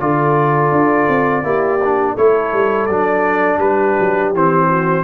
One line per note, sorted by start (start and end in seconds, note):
0.00 0.72 D3
0.00 1.44 F4
0.00 1.45 A4
0.00 2.17 D5
0.72 1.08 D4
1.09 1.44 C4
1.44 2.16 A#3
1.44 1.80 E4
1.44 2.14 G4
1.85 2.18 D4
2.14 2.53 A3
2.14 2.90 E4
2.14 3.58 A4
2.14 2.87 C#5
2.53 2.89 G3
2.87 3.59 F#3
2.87 4.36 D4
2.87 3.59 D5
3.59 3.95 G3
3.59 4.68 G4
3.59 4.33 B4
4.00 4.34 F#3
4.34 5.05 E3
4.34 5.05 C4
4.34 5.05 C5
4.68 5.04 F#4